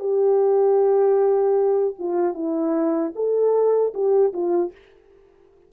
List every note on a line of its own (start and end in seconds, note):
0.00 1.95 G4
1.99 2.34 F4
2.34 3.12 E4
3.16 3.94 A4
3.95 4.34 G4
4.34 4.72 F4